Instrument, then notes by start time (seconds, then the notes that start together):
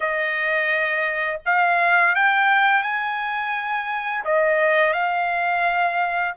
trumpet
0.00 D#5
1.45 F5
2.15 G5
2.82 G#5
4.24 D#5
4.93 F5